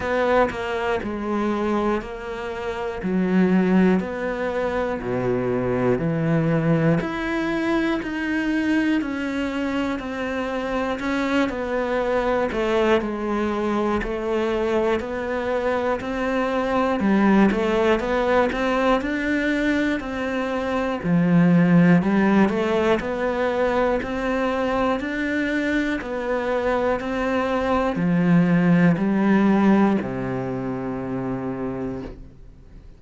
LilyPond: \new Staff \with { instrumentName = "cello" } { \time 4/4 \tempo 4 = 60 b8 ais8 gis4 ais4 fis4 | b4 b,4 e4 e'4 | dis'4 cis'4 c'4 cis'8 b8~ | b8 a8 gis4 a4 b4 |
c'4 g8 a8 b8 c'8 d'4 | c'4 f4 g8 a8 b4 | c'4 d'4 b4 c'4 | f4 g4 c2 | }